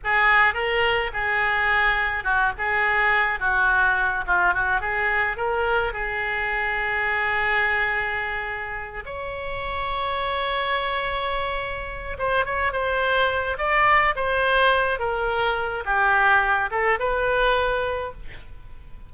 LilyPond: \new Staff \with { instrumentName = "oboe" } { \time 4/4 \tempo 4 = 106 gis'4 ais'4 gis'2 | fis'8 gis'4. fis'4. f'8 | fis'8 gis'4 ais'4 gis'4.~ | gis'1 |
cis''1~ | cis''4. c''8 cis''8 c''4. | d''4 c''4. ais'4. | g'4. a'8 b'2 | }